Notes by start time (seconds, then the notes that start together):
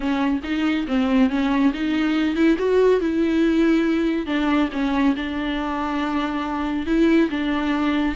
0.00 C#4
0.43 D#4
0.87 C4
1.29 C#4
1.73 D#4
2.35 E4
2.58 F#4
3.00 E4
4.26 D4
4.72 C#4
5.15 D4
6.86 E4
7.30 D4